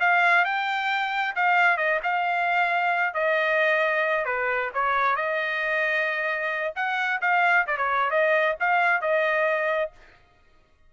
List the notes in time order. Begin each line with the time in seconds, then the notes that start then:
0.00 F5
0.44 G5
1.36 F5
1.77 D#5
2.03 F5
3.14 D#5
4.25 B4
4.74 C#5
5.16 D#5
6.75 F#5
7.21 F5
7.67 D5
7.77 C#5
8.10 D#5
8.60 F5
9.01 D#5